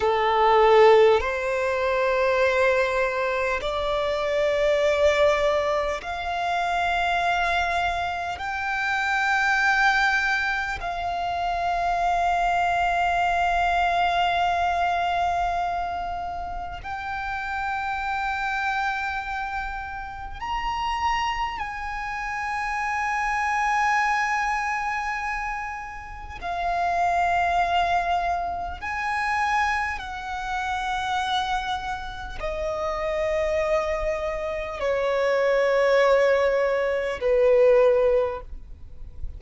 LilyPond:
\new Staff \with { instrumentName = "violin" } { \time 4/4 \tempo 4 = 50 a'4 c''2 d''4~ | d''4 f''2 g''4~ | g''4 f''2.~ | f''2 g''2~ |
g''4 ais''4 gis''2~ | gis''2 f''2 | gis''4 fis''2 dis''4~ | dis''4 cis''2 b'4 | }